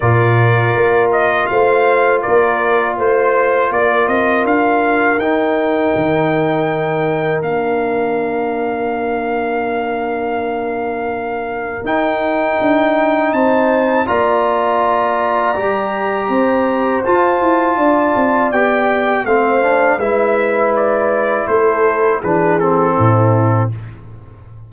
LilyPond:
<<
  \new Staff \with { instrumentName = "trumpet" } { \time 4/4 \tempo 4 = 81 d''4. dis''8 f''4 d''4 | c''4 d''8 dis''8 f''4 g''4~ | g''2 f''2~ | f''1 |
g''2 a''4 ais''4~ | ais''2. a''4~ | a''4 g''4 f''4 e''4 | d''4 c''4 b'8 a'4. | }
  \new Staff \with { instrumentName = "horn" } { \time 4/4 ais'2 c''4 ais'4 | c''4 ais'2.~ | ais'1~ | ais'1~ |
ais'2 c''4 d''4~ | d''2 c''2 | d''2 c''4 b'4~ | b'4 a'4 gis'4 e'4 | }
  \new Staff \with { instrumentName = "trombone" } { \time 4/4 f'1~ | f'2. dis'4~ | dis'2 d'2~ | d'1 |
dis'2. f'4~ | f'4 g'2 f'4~ | f'4 g'4 c'8 d'8 e'4~ | e'2 d'8 c'4. | }
  \new Staff \with { instrumentName = "tuba" } { \time 4/4 ais,4 ais4 a4 ais4 | a4 ais8 c'8 d'4 dis'4 | dis2 ais2~ | ais1 |
dis'4 d'4 c'4 ais4~ | ais4 g4 c'4 f'8 e'8 | d'8 c'8 b4 a4 gis4~ | gis4 a4 e4 a,4 | }
>>